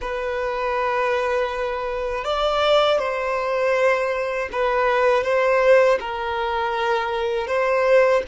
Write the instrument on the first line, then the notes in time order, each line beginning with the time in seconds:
violin
0.01 B4
2.24 D5
2.98 C5
4.52 B4
5.23 C5
6.00 A#4
7.47 C5